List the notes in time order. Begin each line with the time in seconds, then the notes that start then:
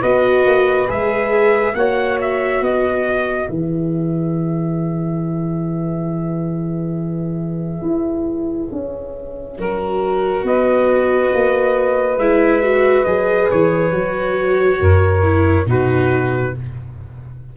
0.00 B3 F#4 B4 D#5
0.46 A#3
0.88 G#3 G#4 E5
1.74 A#3 F#4 C#5 F#5
2.21 E5
2.61 B3 B4 D#5
3.48 E3 G#4 E5
7.82 E4
8.72 C#4
9.59 F#3 F#4 A#4
10.44 B3 B4 D#5
11.34 A#3
12.18 G#3 E4 E5
12.63 F#4
13.05 F#3 G#4 D#5
13.51 E3 C#5
13.92 F#3 F#4
14.80 F#2 A#4
15.23 E4
15.66 B2 D#4 F#4 B4